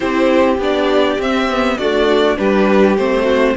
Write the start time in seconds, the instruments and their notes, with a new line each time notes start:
0.00 cello C4, viola E4, violin G4 C5
0.57 cello B3, viola D4, violin D5
1.18 cello C4, viola C4, violin E5
1.49 viola B3
1.77 viola A3, cello D4, violin F#4 D5
2.37 cello G3, viola D4, violin G4 B4
2.97 cello A3, viola C4, violin C5
3.24 violin F#4